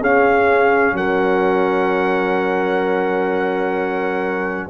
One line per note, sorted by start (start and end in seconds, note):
0.00 0.93 C#4
0.00 4.70 C#4
0.00 0.94 G#4
0.00 0.96 F5
0.93 4.68 F#3
0.93 4.70 A#4
0.93 4.70 F#5